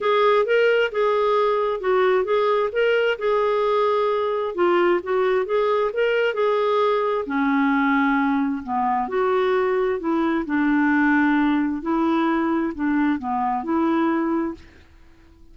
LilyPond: \new Staff \with { instrumentName = "clarinet" } { \time 4/4 \tempo 4 = 132 gis'4 ais'4 gis'2 | fis'4 gis'4 ais'4 gis'4~ | gis'2 f'4 fis'4 | gis'4 ais'4 gis'2 |
cis'2. b4 | fis'2 e'4 d'4~ | d'2 e'2 | d'4 b4 e'2 | }